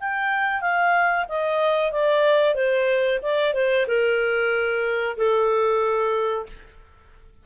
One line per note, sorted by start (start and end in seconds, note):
0.00 0.61 G5
0.61 1.26 F5
1.29 1.92 D#5
1.92 2.55 D5
2.55 3.19 C5
3.22 3.54 D5
3.54 3.86 C5
3.88 5.17 A#4
5.17 6.46 A4